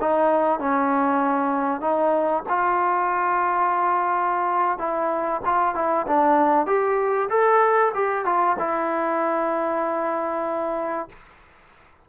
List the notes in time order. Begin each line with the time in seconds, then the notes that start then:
0.00 D#4
0.59 C#4
1.81 D#4
2.49 F4
4.78 E4
5.45 F4
5.74 E4
6.07 D4
6.66 G4
7.29 A4
7.94 G4
8.25 F4
8.59 E4